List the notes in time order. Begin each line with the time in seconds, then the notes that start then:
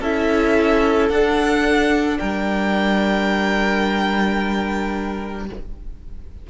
0.00 C#4 E4 A4 E5
1.10 D4 F#5
2.19 G3 A#4 G5